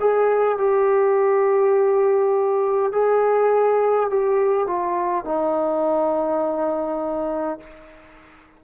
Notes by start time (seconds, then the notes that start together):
0.00 G#4
0.58 G4
2.93 G#4
4.10 G4
4.67 F4
5.25 D#4